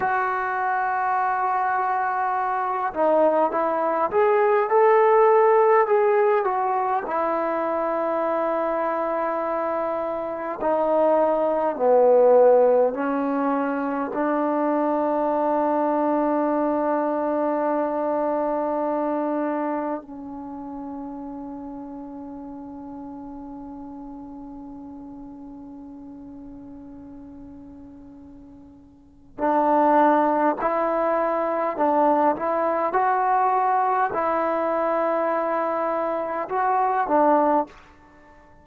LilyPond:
\new Staff \with { instrumentName = "trombone" } { \time 4/4 \tempo 4 = 51 fis'2~ fis'8 dis'8 e'8 gis'8 | a'4 gis'8 fis'8 e'2~ | e'4 dis'4 b4 cis'4 | d'1~ |
d'4 cis'2.~ | cis'1~ | cis'4 d'4 e'4 d'8 e'8 | fis'4 e'2 fis'8 d'8 | }